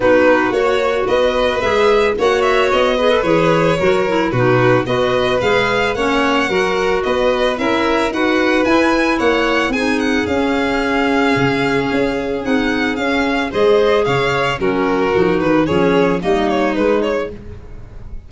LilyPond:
<<
  \new Staff \with { instrumentName = "violin" } { \time 4/4 \tempo 4 = 111 b'4 cis''4 dis''4 e''4 | fis''8 e''8 dis''4 cis''2 | b'4 dis''4 f''4 fis''4~ | fis''4 dis''4 e''4 fis''4 |
gis''4 fis''4 gis''8 fis''8 f''4~ | f''2. fis''4 | f''4 dis''4 f''4 ais'4~ | ais'8 b'8 cis''4 dis''8 cis''8 b'8 cis''8 | }
  \new Staff \with { instrumentName = "violin" } { \time 4/4 fis'2 b'2 | cis''4. b'4. ais'4 | fis'4 b'2 cis''4 | ais'4 b'4 ais'4 b'4~ |
b'4 cis''4 gis'2~ | gis'1~ | gis'4 c''4 cis''4 fis'4~ | fis'4 gis'4 dis'2 | }
  \new Staff \with { instrumentName = "clarinet" } { \time 4/4 dis'4 fis'2 gis'4 | fis'4. gis'16 a'16 gis'4 fis'8 e'8 | dis'4 fis'4 gis'4 cis'4 | fis'2 e'4 fis'4 |
e'2 dis'4 cis'4~ | cis'2. dis'4 | cis'4 gis'2 cis'4 | dis'4 cis'4 ais4 gis4 | }
  \new Staff \with { instrumentName = "tuba" } { \time 4/4 b4 ais4 b4 gis4 | ais4 b4 e4 fis4 | b,4 b4 gis4 ais4 | fis4 b4 cis'4 dis'4 |
e'4 ais4 c'4 cis'4~ | cis'4 cis4 cis'4 c'4 | cis'4 gis4 cis4 fis4 | f8 dis8 f4 g4 gis4 | }
>>